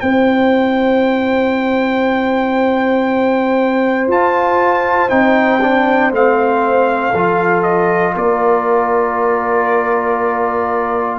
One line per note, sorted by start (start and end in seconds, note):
0.00 4.07 C4
0.00 4.07 E4
0.00 7.10 C5
0.00 4.07 G5
4.07 5.09 F4
4.07 5.10 A5
5.09 6.11 C4
5.09 5.60 D#4
5.09 6.11 G5
5.61 6.11 D4
6.11 7.12 A3
6.11 7.13 C4
6.11 7.63 F5
7.10 8.15 F3
7.10 11.19 F4
7.10 8.12 A4
7.63 8.14 D#5
8.14 11.19 A#3
8.14 11.19 A#4
8.14 11.19 D5